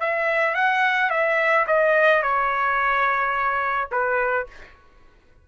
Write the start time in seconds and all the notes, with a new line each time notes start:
0.00 E5
0.54 F#5
1.10 E5
1.67 D#5
2.22 C#5
3.91 B4